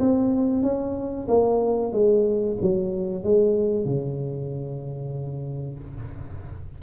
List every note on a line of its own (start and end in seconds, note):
0.00 0.63 C4
0.63 1.28 C#4
1.28 1.93 A#3
1.93 2.57 G#3
2.62 3.24 F#3
3.24 3.86 G#3
3.86 5.79 C#3